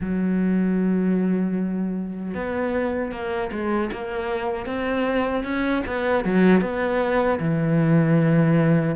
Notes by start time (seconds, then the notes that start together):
0.00 F#3
2.34 B3
3.11 A#3
3.52 G#3
3.92 A#3
4.66 C4
5.44 C#4
5.86 B3
6.24 F#3
6.61 B3
7.39 E3